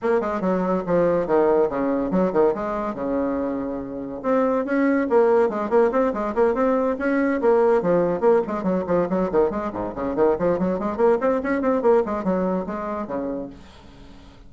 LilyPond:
\new Staff \with { instrumentName = "bassoon" } { \time 4/4 \tempo 4 = 142 ais8 gis8 fis4 f4 dis4 | cis4 fis8 dis8 gis4 cis4~ | cis2 c'4 cis'4 | ais4 gis8 ais8 c'8 gis8 ais8 c'8~ |
c'8 cis'4 ais4 f4 ais8 | gis8 fis8 f8 fis8 dis8 gis8 gis,8 cis8 | dis8 f8 fis8 gis8 ais8 c'8 cis'8 c'8 | ais8 gis8 fis4 gis4 cis4 | }